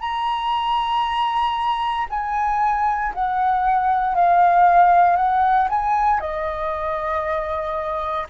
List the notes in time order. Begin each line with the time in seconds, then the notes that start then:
0.00 A#5
2.10 G#5
3.15 F#5
4.15 F5
5.16 F#5
5.69 G#5
6.20 D#5